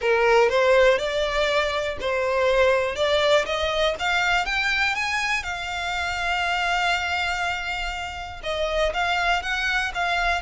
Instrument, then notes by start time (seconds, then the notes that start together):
violin
0.01 A#4
0.49 C5
0.98 D5
2.00 C5
2.95 D5
3.45 D#5
3.99 F5
4.45 G5
4.95 G#5
5.43 F5
8.43 D#5
8.93 F5
9.42 F#5
9.94 F5